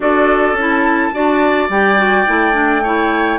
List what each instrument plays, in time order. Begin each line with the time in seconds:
0.00 bassoon D4, clarinet F#4, oboe A4, flute D5
0.52 bassoon C#4
0.58 clarinet E4, flute A5
1.12 bassoon D4, clarinet F#4, oboe D5
1.69 bassoon G3, clarinet G4, flute G5
1.96 clarinet F#4
2.26 bassoon A3, clarinet E4
2.52 clarinet D4
2.83 clarinet E4, oboe C#5